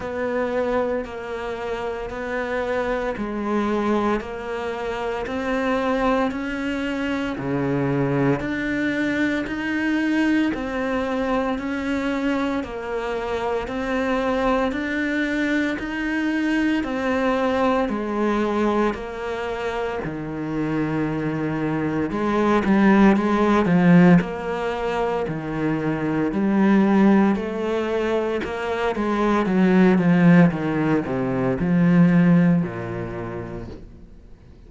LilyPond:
\new Staff \with { instrumentName = "cello" } { \time 4/4 \tempo 4 = 57 b4 ais4 b4 gis4 | ais4 c'4 cis'4 cis4 | d'4 dis'4 c'4 cis'4 | ais4 c'4 d'4 dis'4 |
c'4 gis4 ais4 dis4~ | dis4 gis8 g8 gis8 f8 ais4 | dis4 g4 a4 ais8 gis8 | fis8 f8 dis8 c8 f4 ais,4 | }